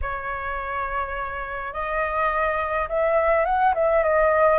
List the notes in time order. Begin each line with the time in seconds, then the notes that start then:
0.01 C#5
1.73 D#5
2.88 E5
3.45 F#5
3.74 E5
4.03 D#5